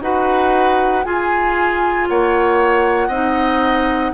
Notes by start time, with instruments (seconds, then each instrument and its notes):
0.00 bassoon D#4, clarinet F#4, oboe B4, flute F#5
1.03 clarinet F4, bassoon F4, oboe G#4, flute G#5
2.08 bassoon A#3, oboe C#5, flute F#5
3.08 bassoon C4, clarinet D#4, oboe D#5